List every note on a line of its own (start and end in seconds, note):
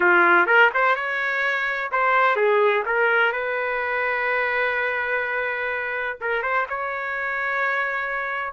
0.00 0.46 F4
0.46 0.70 A#4
0.74 0.95 C5
0.95 1.90 C#5
1.91 2.36 C5
2.36 2.83 G#4
2.85 3.32 A#4
3.32 6.18 B4
6.21 6.42 A#4
6.42 6.66 C5
6.69 8.53 C#5